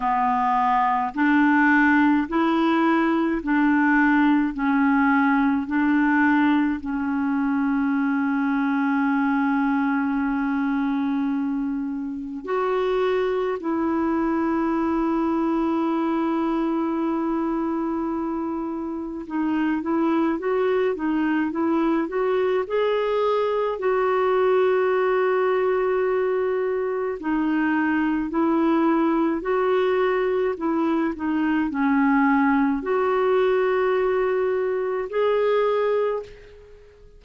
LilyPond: \new Staff \with { instrumentName = "clarinet" } { \time 4/4 \tempo 4 = 53 b4 d'4 e'4 d'4 | cis'4 d'4 cis'2~ | cis'2. fis'4 | e'1~ |
e'4 dis'8 e'8 fis'8 dis'8 e'8 fis'8 | gis'4 fis'2. | dis'4 e'4 fis'4 e'8 dis'8 | cis'4 fis'2 gis'4 | }